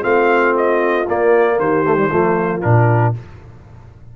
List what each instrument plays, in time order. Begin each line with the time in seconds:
0.00 tuba A3, trombone C4, horn F4, trumpet F5
0.57 trumpet D#5
1.08 trombone A#3, tuba A#3, trumpet D5
1.60 tuba D#3, horn G4, trumpet C5
1.85 trombone A3
1.96 trombone G3
2.10 tuba F3, trombone A3, horn F4
2.62 tuba A#2, trombone D4, trumpet A#4